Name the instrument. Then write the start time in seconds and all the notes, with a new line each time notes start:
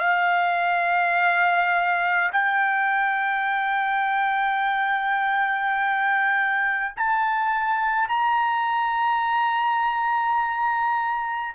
trumpet
0.00 F5
2.32 G5
6.97 A5
8.09 A#5